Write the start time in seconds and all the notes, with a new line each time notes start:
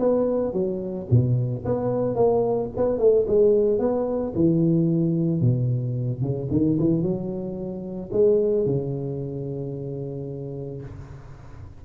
0.00 B3
0.53 F#3
1.11 B2
1.65 B3
2.16 A#3
2.77 B3
2.99 A3
3.28 G#3
3.79 B3
4.35 E3
5.41 B2
6.22 C#3
6.52 D#3
6.80 E3
7.02 F#3
8.13 G#3
8.66 C#3